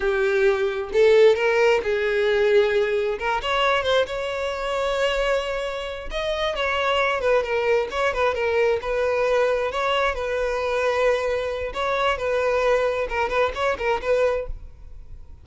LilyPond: \new Staff \with { instrumentName = "violin" } { \time 4/4 \tempo 4 = 133 g'2 a'4 ais'4 | gis'2. ais'8 cis''8~ | cis''8 c''8 cis''2.~ | cis''4. dis''4 cis''4. |
b'8 ais'4 cis''8 b'8 ais'4 b'8~ | b'4. cis''4 b'4.~ | b'2 cis''4 b'4~ | b'4 ais'8 b'8 cis''8 ais'8 b'4 | }